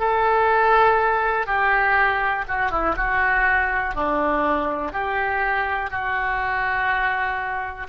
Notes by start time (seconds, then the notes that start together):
0.00 A4
1.47 G4
2.49 F#4
2.71 E4
2.97 F#4
3.95 D4
4.93 G4
5.91 F#4